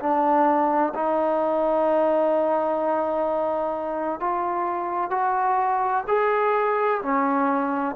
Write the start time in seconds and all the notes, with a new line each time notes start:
0.00 D4
0.95 D#4
4.21 F4
5.11 F#4
6.08 G#4
7.02 C#4